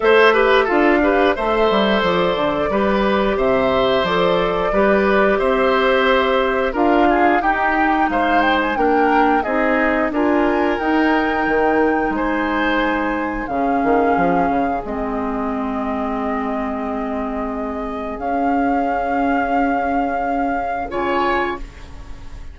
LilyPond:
<<
  \new Staff \with { instrumentName = "flute" } { \time 4/4 \tempo 4 = 89 e''4 f''4 e''4 d''4~ | d''4 e''4 d''2 | e''2 f''4 g''4 | f''8 g''16 gis''16 g''4 dis''4 gis''4 |
g''2 gis''2 | f''2 dis''2~ | dis''2. f''4~ | f''2. gis''4 | }
  \new Staff \with { instrumentName = "oboe" } { \time 4/4 c''8 b'8 a'8 b'8 c''2 | b'4 c''2 b'4 | c''2 ais'8 gis'8 g'4 | c''4 ais'4 gis'4 ais'4~ |
ais'2 c''2 | gis'1~ | gis'1~ | gis'2. cis''4 | }
  \new Staff \with { instrumentName = "clarinet" } { \time 4/4 a'8 g'8 f'8 g'8 a'2 | g'2 a'4 g'4~ | g'2 f'4 dis'4~ | dis'4 d'4 dis'4 f'4 |
dis'1 | cis'2 c'2~ | c'2. cis'4~ | cis'2. f'4 | }
  \new Staff \with { instrumentName = "bassoon" } { \time 4/4 a4 d'4 a8 g8 f8 d8 | g4 c4 f4 g4 | c'2 d'4 dis'4 | gis4 ais4 c'4 d'4 |
dis'4 dis4 gis2 | cis8 dis8 f8 cis8 gis2~ | gis2. cis'4~ | cis'2. cis4 | }
>>